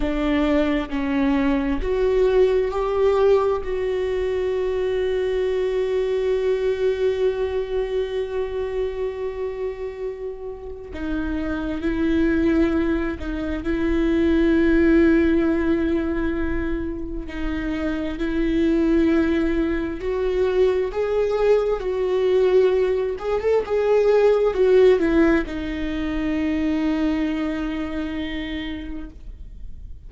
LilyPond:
\new Staff \with { instrumentName = "viola" } { \time 4/4 \tempo 4 = 66 d'4 cis'4 fis'4 g'4 | fis'1~ | fis'1 | dis'4 e'4. dis'8 e'4~ |
e'2. dis'4 | e'2 fis'4 gis'4 | fis'4. gis'16 a'16 gis'4 fis'8 e'8 | dis'1 | }